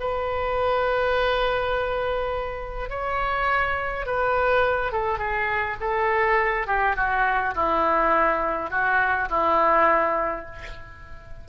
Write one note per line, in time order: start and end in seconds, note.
0.00 2.89 B4
2.89 4.06 C#5
4.06 4.92 B4
4.92 5.18 A4
5.18 5.76 G#4
5.80 6.67 A4
6.67 6.96 G4
6.96 7.54 F#4
7.55 8.70 E4
8.70 9.29 F#4
9.29 10.46 E4